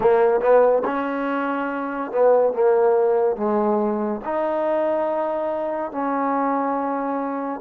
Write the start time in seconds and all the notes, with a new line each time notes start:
0.00 A#3
0.40 B3
0.85 C#4
2.11 B3
2.53 A#3
3.36 G#3
4.24 D#4
5.91 C#4